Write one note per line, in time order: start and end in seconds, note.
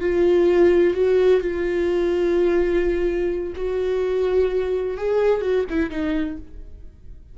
0.00 0.94 F4
0.94 1.40 F#4
1.40 3.53 F4
3.55 4.97 F#4
4.97 5.41 G#4
5.41 5.64 F#4
5.69 5.89 E4
5.89 6.37 D#4